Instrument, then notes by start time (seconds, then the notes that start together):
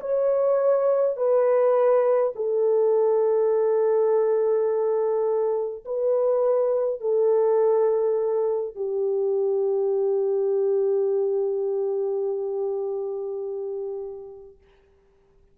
horn
0.00 C#5
1.17 B4
2.35 A4
5.85 B4
7.00 A4
8.75 G4